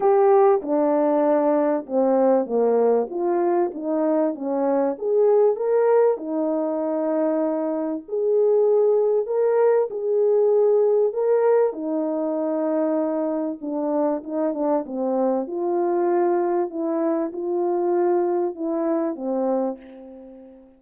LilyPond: \new Staff \with { instrumentName = "horn" } { \time 4/4 \tempo 4 = 97 g'4 d'2 c'4 | ais4 f'4 dis'4 cis'4 | gis'4 ais'4 dis'2~ | dis'4 gis'2 ais'4 |
gis'2 ais'4 dis'4~ | dis'2 d'4 dis'8 d'8 | c'4 f'2 e'4 | f'2 e'4 c'4 | }